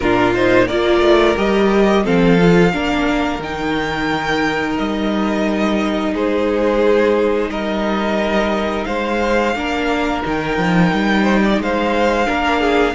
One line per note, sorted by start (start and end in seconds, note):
0.00 0.69 A#2
0.00 0.34 D4
0.00 0.66 F4
0.00 0.33 A#4
0.34 0.68 D#4
0.34 0.67 C5
0.66 1.00 A#3
0.66 1.36 F4
0.66 2.02 A#4
0.66 1.36 D5
1.00 1.35 A3
1.36 2.05 G3
1.36 2.04 G4
1.36 2.06 D#5
2.04 2.74 F3
2.04 2.38 C4
2.04 2.72 A4
2.04 3.42 F5
2.40 2.72 F4
2.72 3.38 A#3
2.72 3.40 D4
2.72 6.13 A#4
3.38 4.75 D#3
3.38 9.55 D#4
3.38 4.77 G5
4.77 6.13 G3
4.77 6.14 D#5
6.13 7.49 G#3
6.13 7.49 G#4
6.13 7.50 C5
7.49 8.85 G3
7.49 8.87 A#4
7.49 8.84 D#5
8.84 9.54 G#3
8.84 9.55 C5
8.84 10.21 F5
9.54 10.23 A#3
9.54 10.23 D4
9.54 11.22 A#4
10.23 10.57 D#3
10.23 12.26 D#4
10.23 11.62 G5
10.57 10.91 F3
10.92 11.58 G3
11.22 11.39 C5
11.44 11.61 D5
11.58 12.27 G#3
11.58 12.27 C5
11.58 12.94 F5
12.26 12.94 A#3
12.26 12.94 D4
12.26 12.60 A#4
12.60 12.94 G#4